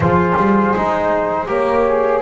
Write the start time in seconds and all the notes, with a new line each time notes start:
0.00 F3 F4 G#4 C5
0.37 G3
0.75 G#3 D#4
1.46 A#3 G4 A#4 C#5
1.87 G#4